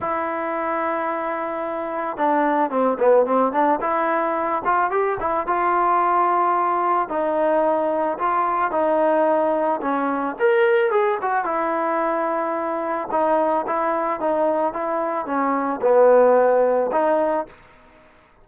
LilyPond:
\new Staff \with { instrumentName = "trombone" } { \time 4/4 \tempo 4 = 110 e'1 | d'4 c'8 b8 c'8 d'8 e'4~ | e'8 f'8 g'8 e'8 f'2~ | f'4 dis'2 f'4 |
dis'2 cis'4 ais'4 | gis'8 fis'8 e'2. | dis'4 e'4 dis'4 e'4 | cis'4 b2 dis'4 | }